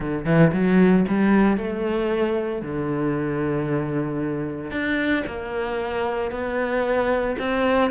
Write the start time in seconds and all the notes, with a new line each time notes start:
0.00 D3
0.25 E3
0.53 F#3
1.08 G3
1.57 A3
2.62 D3
4.71 D4
5.26 A#3
6.31 B3
7.38 C4